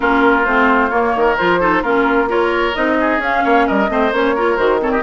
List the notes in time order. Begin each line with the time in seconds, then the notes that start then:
0.00 A#3 C#4 F4 A#4
0.45 A3 C4 C5
0.90 A#3 C#5
1.15 D#3 A#4
1.37 F3 F4 C5
1.60 D#4 A4
1.82 A#3 C#4 F4 A#4
2.27 F4 A#4 C#5
2.74 C4 D#4 D#5
3.00 G#4
3.18 C#4 F5
3.43 A#3 C#5
3.66 G3 A#4 D#5
3.88 A3 C4 C5
4.11 A#3 C#4 C#5
4.35 F4 A#4
4.56 D#3 F#4 C5
4.79 C4 A4 C#5
4.91 G4 D#5